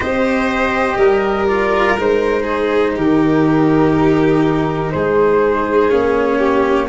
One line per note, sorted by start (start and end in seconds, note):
0.00 0.97 C4
0.00 1.47 G4
0.00 0.97 C5
0.00 1.47 D#5
0.97 1.95 G3
0.97 2.42 A#4
1.47 1.97 F4
1.47 1.96 D5
1.98 2.96 G#3
1.98 5.89 D#4
1.98 2.98 C5
2.42 2.91 G#4
2.95 4.93 D#3
2.95 4.92 G4
2.95 4.91 A#4
4.91 5.91 G#3
4.91 6.38 G#4
4.91 5.89 C5
5.89 6.88 A#3
5.89 6.88 C#4
5.89 6.88 C#5
6.38 6.87 G4